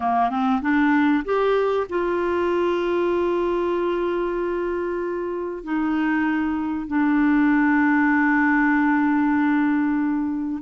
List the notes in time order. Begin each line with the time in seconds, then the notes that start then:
0.00 A#3
0.30 C4
0.61 D4
1.24 G4
1.89 F4
5.63 D#4
6.87 D4